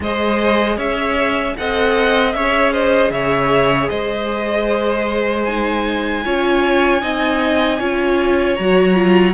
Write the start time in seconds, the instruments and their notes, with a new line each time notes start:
0.00 cello G#3, viola G#4, violin C5 D#5
0.76 cello C#4, violin C#5 E5
1.57 cello C4, viola A4, violin D#5 F#5
2.32 cello C#4, viola G#4, violin C#5 E5
2.72 violin C5 D#5
3.10 cello C#3, violin C#5 E5
3.88 cello G#3, violin C5 D#5
5.44 viola D#4, violin G#5
6.24 cello C#4, viola F4, violin C#5
7.01 cello C4, viola D#4, violin D#5
7.79 cello C#4, viola F4, violin C#5
8.55 cello F#3, viola F#4, violin A#5
8.94 viola F4